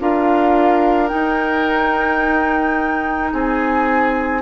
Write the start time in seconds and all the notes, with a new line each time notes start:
0.00 D4 F4 A#4 F5
1.08 D#4 G5
3.33 C4 G#4 G#5